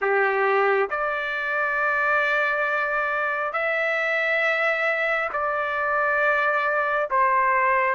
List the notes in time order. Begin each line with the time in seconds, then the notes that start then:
0.01 G4
0.89 D5
3.52 E5
5.32 D5
7.10 C5